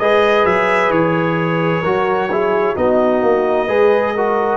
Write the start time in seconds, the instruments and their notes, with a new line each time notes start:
0.00 tuba G#3, trombone G#4, horn B4, trumpet D#5
0.45 tuba F#3, trumpet E5
0.91 tuba E3, trumpet C#5
1.82 tuba F#3, trombone F#4, horn A#4
2.32 trombone E4, horn G#4
2.75 tuba B3, trombone D#4, horn F#4, trumpet D#5
3.23 tuba A#3
3.68 tuba G#3, trombone G#4, horn B4
4.16 trombone F#4, horn A#4